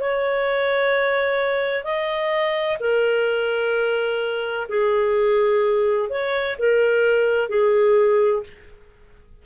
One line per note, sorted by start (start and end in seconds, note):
0.00 1.84 C#5
1.84 2.77 D#5
2.80 4.67 A#4
4.69 6.09 G#4
6.09 6.56 C#5
6.58 7.49 A#4
7.49 8.43 G#4